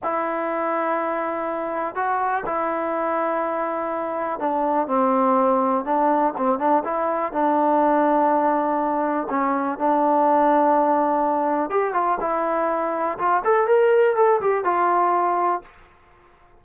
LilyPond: \new Staff \with { instrumentName = "trombone" } { \time 4/4 \tempo 4 = 123 e'1 | fis'4 e'2.~ | e'4 d'4 c'2 | d'4 c'8 d'8 e'4 d'4~ |
d'2. cis'4 | d'1 | g'8 f'8 e'2 f'8 a'8 | ais'4 a'8 g'8 f'2 | }